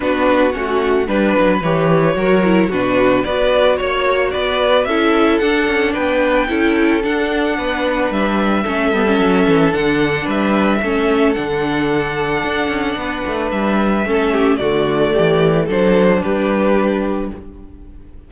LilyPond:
<<
  \new Staff \with { instrumentName = "violin" } { \time 4/4 \tempo 4 = 111 b'4 fis'4 b'4 cis''4~ | cis''4 b'4 d''4 cis''4 | d''4 e''4 fis''4 g''4~ | g''4 fis''2 e''4~ |
e''2 fis''4 e''4~ | e''4 fis''2.~ | fis''4 e''2 d''4~ | d''4 c''4 b'2 | }
  \new Staff \with { instrumentName = "violin" } { \time 4/4 fis'2 b'2 | ais'4 fis'4 b'4 cis''4 | b'4 a'2 b'4 | a'2 b'2 |
a'2. b'4 | a'1 | b'2 a'8 g'8 fis'4 | g'4 a'4 g'2 | }
  \new Staff \with { instrumentName = "viola" } { \time 4/4 d'4 cis'4 d'4 g'4 | fis'8 e'8 d'4 fis'2~ | fis'4 e'4 d'2 | e'4 d'2. |
cis'8 b16 cis'4~ cis'16 d'2 | cis'4 d'2.~ | d'2 cis'4 a4~ | a4 d'2. | }
  \new Staff \with { instrumentName = "cello" } { \time 4/4 b4 a4 g8 fis8 e4 | fis4 b,4 b4 ais4 | b4 cis'4 d'8 cis'8 b4 | cis'4 d'4 b4 g4 |
a8 g8 fis8 e8 d4 g4 | a4 d2 d'8 cis'8 | b8 a8 g4 a4 d4 | e4 fis4 g2 | }
>>